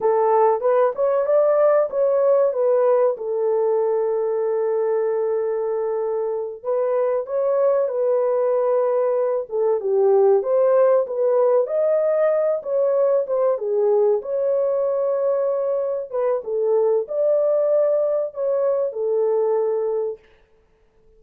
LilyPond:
\new Staff \with { instrumentName = "horn" } { \time 4/4 \tempo 4 = 95 a'4 b'8 cis''8 d''4 cis''4 | b'4 a'2.~ | a'2~ a'8 b'4 cis''8~ | cis''8 b'2~ b'8 a'8 g'8~ |
g'8 c''4 b'4 dis''4. | cis''4 c''8 gis'4 cis''4.~ | cis''4. b'8 a'4 d''4~ | d''4 cis''4 a'2 | }